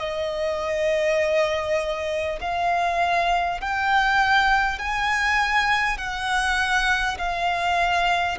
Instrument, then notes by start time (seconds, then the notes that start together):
violin
0.00 D#5
2.41 F5
3.61 G5
4.79 G#5
5.98 F#5
7.18 F5